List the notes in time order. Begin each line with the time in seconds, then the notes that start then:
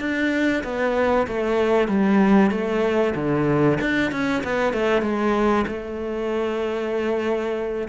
0.00 D4
0.64 B3
1.27 A3
1.88 G3
2.51 A3
3.15 D3
3.81 D4
4.12 C#4
4.44 B3
4.73 A3
5.02 G#3
5.67 A3